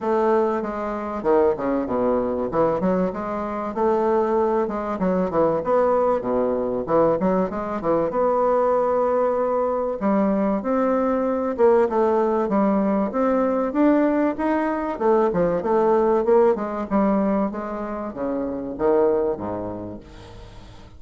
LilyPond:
\new Staff \with { instrumentName = "bassoon" } { \time 4/4 \tempo 4 = 96 a4 gis4 dis8 cis8 b,4 | e8 fis8 gis4 a4. gis8 | fis8 e8 b4 b,4 e8 fis8 | gis8 e8 b2. |
g4 c'4. ais8 a4 | g4 c'4 d'4 dis'4 | a8 f8 a4 ais8 gis8 g4 | gis4 cis4 dis4 gis,4 | }